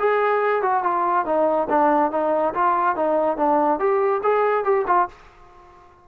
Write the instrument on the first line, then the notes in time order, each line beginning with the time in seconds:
trombone
0.00 G#4
0.63 F#4
0.84 F4
1.26 D#4
1.70 D4
2.12 D#4
2.54 F4
2.96 D#4
3.38 D4
3.80 G4
4.24 G#4
4.65 G4
4.87 F4